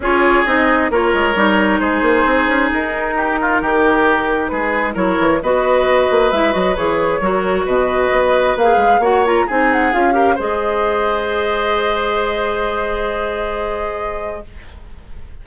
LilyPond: <<
  \new Staff \with { instrumentName = "flute" } { \time 4/4 \tempo 4 = 133 cis''4 dis''4 cis''2 | c''2 ais'2~ | ais'2 b'4 cis''4 | dis''2 e''8 dis''8 cis''4~ |
cis''4 dis''2 f''4 | fis''8 ais''8 gis''8 fis''8 f''4 dis''4~ | dis''1~ | dis''1 | }
  \new Staff \with { instrumentName = "oboe" } { \time 4/4 gis'2 ais'2 | gis'2. g'8 f'8 | g'2 gis'4 ais'4 | b'1 |
ais'4 b'2. | cis''4 gis'4. ais'8 c''4~ | c''1~ | c''1 | }
  \new Staff \with { instrumentName = "clarinet" } { \time 4/4 f'4 dis'4 f'4 dis'4~ | dis'1~ | dis'2. e'4 | fis'2 e'8 fis'8 gis'4 |
fis'2. gis'4 | fis'8 f'8 dis'4 f'8 g'8 gis'4~ | gis'1~ | gis'1 | }
  \new Staff \with { instrumentName = "bassoon" } { \time 4/4 cis'4 c'4 ais8 gis8 g4 | gis8 ais8 c'8 cis'8 dis'2 | dis2 gis4 fis8 e8 | b4. ais8 gis8 fis8 e4 |
fis4 b,4 b4 ais8 gis8 | ais4 c'4 cis'4 gis4~ | gis1~ | gis1 | }
>>